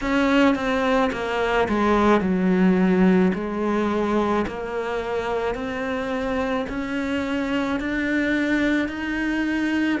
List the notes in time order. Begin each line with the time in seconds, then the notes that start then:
0.01 C#4
0.55 C4
1.12 A#3
1.68 G#3
2.20 F#3
3.34 G#3
4.47 A#3
5.55 C4
6.69 C#4
7.80 D4
8.88 D#4